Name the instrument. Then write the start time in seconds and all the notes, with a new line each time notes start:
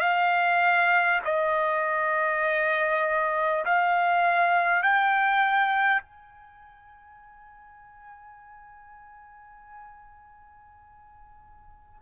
trumpet
0.00 F5
1.25 D#5
3.65 F5
4.83 G5
6.02 G#5